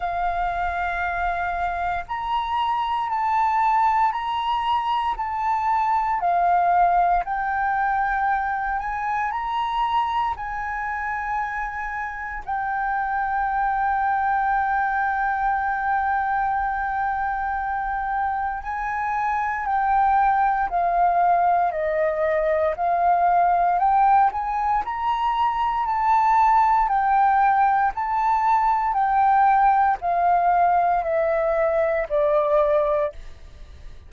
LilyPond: \new Staff \with { instrumentName = "flute" } { \time 4/4 \tempo 4 = 58 f''2 ais''4 a''4 | ais''4 a''4 f''4 g''4~ | g''8 gis''8 ais''4 gis''2 | g''1~ |
g''2 gis''4 g''4 | f''4 dis''4 f''4 g''8 gis''8 | ais''4 a''4 g''4 a''4 | g''4 f''4 e''4 d''4 | }